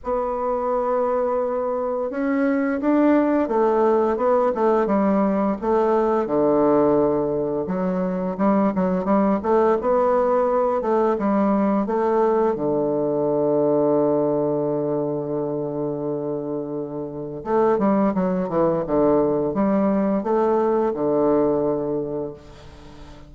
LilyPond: \new Staff \with { instrumentName = "bassoon" } { \time 4/4 \tempo 4 = 86 b2. cis'4 | d'4 a4 b8 a8 g4 | a4 d2 fis4 | g8 fis8 g8 a8 b4. a8 |
g4 a4 d2~ | d1~ | d4 a8 g8 fis8 e8 d4 | g4 a4 d2 | }